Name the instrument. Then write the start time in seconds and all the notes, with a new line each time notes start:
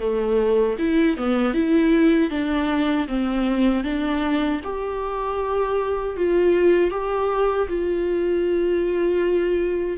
viola
0.00 A3
0.79 E4
1.17 B3
1.54 E4
2.30 D4
3.08 C4
3.84 D4
4.64 G4
6.17 F4
6.91 G4
7.68 F4